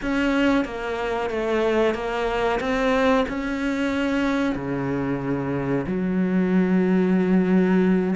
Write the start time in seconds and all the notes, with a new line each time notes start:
0.02 C#4
0.64 A#3
1.30 A3
1.94 A#3
2.60 C4
3.28 C#4
4.55 C#3
5.86 F#3